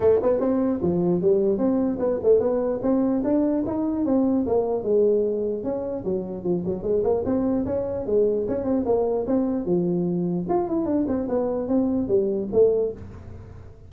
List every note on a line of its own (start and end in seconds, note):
0.00 0.20 A3
0.22 0.40 B3
0.40 0.80 C4
0.82 1.21 F3
1.21 1.57 G3
1.57 1.98 C4
1.99 2.19 B3
2.23 2.40 A3
2.40 2.80 B3
2.82 3.22 C4
3.23 3.64 D4
3.66 4.05 D#4
4.05 4.45 C4
4.46 4.83 A#3
4.83 5.63 G#3
5.63 6.03 C#4
6.04 6.43 F#3
6.43 6.64 F3
6.65 6.82 F#3
6.82 7.02 G#3
7.03 7.23 A#3
7.25 7.65 C4
7.65 8.05 C#4
8.06 8.46 G#3
8.48 8.64 C#4
8.64 8.84 C4
8.85 9.25 A#3
9.27 9.65 C4
9.65 10.45 F3
10.48 10.68 F4
10.68 10.85 E4
10.85 11.05 D4
11.07 11.27 C4
11.28 11.68 B3
11.68 12.08 C4
12.08 12.48 G3
12.52 12.92 A3